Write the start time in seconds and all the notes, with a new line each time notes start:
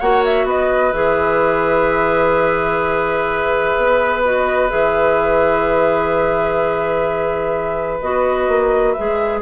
0.00 A#3 F#4 C#5 F#5
0.25 E5
0.45 B3 B4 D#5
0.93 E3 G#4 E5
3.78 B3
4.24 F#4 D#5
4.69 E3 G#4 E5
8.01 B3 F#4 D#5
8.49 A#3
8.93 G#4 E5
9.00 G#3